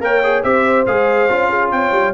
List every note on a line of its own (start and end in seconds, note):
0.00 0.43 A#3
0.00 0.22 A#4
0.00 0.44 C#5
0.00 0.43 G5
0.23 0.43 G#4
0.43 0.86 C4
0.43 0.86 G4
0.43 1.50 C5
0.43 0.86 E5
0.86 1.30 G#3
0.86 1.29 G#4
0.86 1.71 F5
1.29 1.72 C#4
1.29 2.13 F4
1.50 1.71 G#4
1.71 1.91 C4
1.71 2.13 C#5
1.71 2.13 G5
1.91 2.13 G3